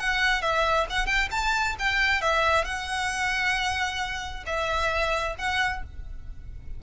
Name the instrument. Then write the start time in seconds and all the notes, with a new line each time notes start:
violin
0.00 F#5
0.42 E5
0.90 F#5
1.07 G5
1.31 A5
1.79 G5
2.22 E5
2.65 F#5
4.46 E5
5.39 F#5